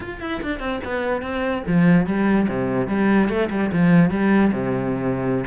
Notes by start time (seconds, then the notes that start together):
0.00 F4
0.21 E4
0.42 D4
0.59 C4
0.84 B3
1.22 C4
1.67 F3
2.06 G3
2.48 C3
2.87 G3
3.28 A3
3.50 G3
3.72 F3
4.10 G3
4.52 C3